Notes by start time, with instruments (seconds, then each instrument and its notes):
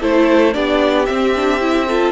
0.00 cello A3, viola E4, violin A4 C5
0.52 cello B3, viola D4, violin G4 D5
1.05 viola C4, cello C4, violin E5
1.35 viola D4
1.60 viola E4
1.87 viola F4, violin A4